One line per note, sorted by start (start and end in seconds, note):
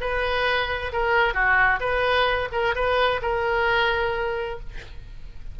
0.00 0.92 B4
0.92 1.34 A#4
1.34 1.79 F#4
1.80 2.49 B4
2.52 2.75 A#4
2.75 3.21 B4
3.22 4.59 A#4